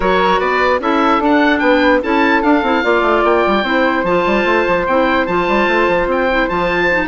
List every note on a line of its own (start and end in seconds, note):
0.00 0.38 F#3
0.00 0.80 F#4
0.00 0.39 A#4
0.00 0.39 C#5
0.39 0.79 B3
0.39 0.79 B4
0.39 0.80 D5
0.79 1.19 C#4
0.79 1.21 E4
0.79 1.60 A4
0.79 1.22 E5
1.19 1.60 D4
1.19 2.02 D4
1.19 1.58 F#5
1.58 2.02 B3
1.58 2.01 B4
1.58 1.99 G5
2.02 2.43 C#4
2.02 2.43 E4
2.02 2.83 A4
2.02 2.42 A5
2.42 2.63 D4
2.42 2.62 D4
2.42 3.23 F5
2.62 2.82 C4
2.62 2.83 E4
2.83 3.01 A#3
2.83 3.63 F4
2.83 3.63 D5
3.01 3.22 A3
3.24 3.44 A#3
3.24 4.05 G5
3.47 3.63 G3
3.63 4.03 C4
3.63 4.04 E4
3.63 7.07 C5
4.03 4.23 F3
4.03 4.87 F4
4.03 4.86 A5
4.25 4.44 G3
4.44 4.65 A3
4.67 4.87 F3
4.86 5.27 C4
4.86 5.28 E4
4.86 5.26 G5
5.26 5.47 F3
5.26 6.29 F4
5.26 6.07 A5
5.47 5.67 G3
5.67 5.87 A3
5.87 6.06 F3
6.06 6.47 C4
6.06 6.48 G5
6.30 6.49 E4
6.48 7.07 F3
6.48 6.89 F4
6.48 7.07 A5
6.90 7.07 D#4